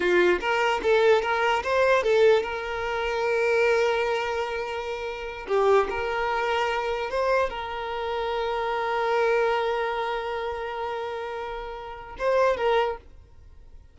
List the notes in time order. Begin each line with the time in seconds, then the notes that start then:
0.00 F4
0.40 A#4
0.82 A4
1.22 A#4
1.63 C5
2.03 A4
2.42 A#4
5.47 G4
5.89 A#4
7.10 C5
7.49 A#4
12.18 C5
12.56 A#4